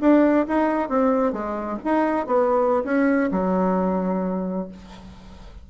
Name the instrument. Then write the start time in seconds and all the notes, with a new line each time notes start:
bassoon
0.00 D4
0.47 D#4
0.89 C4
1.32 G#3
1.84 D#4
2.26 B3
2.84 C#4
3.31 F#3